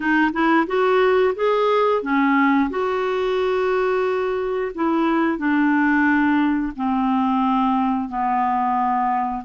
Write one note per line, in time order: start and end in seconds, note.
0.00 0.31 D#4
0.32 0.66 E4
0.66 1.34 F#4
1.35 2.02 G#4
2.02 2.69 C#4
2.70 4.72 F#4
4.74 5.37 E4
5.37 6.72 D4
6.76 8.09 C4
8.09 9.44 B3